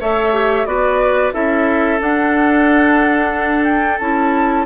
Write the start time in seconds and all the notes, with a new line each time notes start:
0.00 A3 A4 C#5 E5
0.33 G4
0.65 B3 F#4 B4 D5
1.33 C#4 E4 A4 E5
1.99 D4 F#5
3.64 G5
3.98 C#4 E4 A5